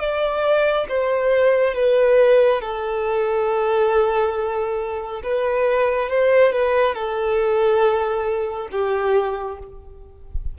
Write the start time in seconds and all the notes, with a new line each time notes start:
0.00 D5
0.89 C5
1.75 B4
2.62 A4
5.23 B4
6.09 C5
6.53 B4
6.95 A4
8.72 G4